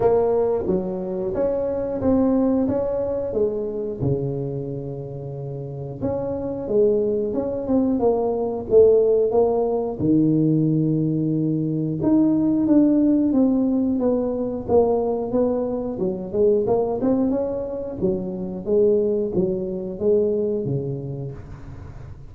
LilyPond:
\new Staff \with { instrumentName = "tuba" } { \time 4/4 \tempo 4 = 90 ais4 fis4 cis'4 c'4 | cis'4 gis4 cis2~ | cis4 cis'4 gis4 cis'8 c'8 | ais4 a4 ais4 dis4~ |
dis2 dis'4 d'4 | c'4 b4 ais4 b4 | fis8 gis8 ais8 c'8 cis'4 fis4 | gis4 fis4 gis4 cis4 | }